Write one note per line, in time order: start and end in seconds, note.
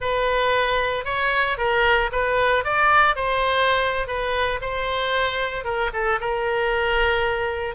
0.00 1.05 B4
1.05 1.57 C#5
1.57 2.10 A#4
2.11 2.64 B4
2.64 3.15 D5
3.15 4.07 C5
4.07 4.60 B4
4.61 5.64 C5
5.64 5.90 A#4
5.93 6.19 A4
6.20 7.75 A#4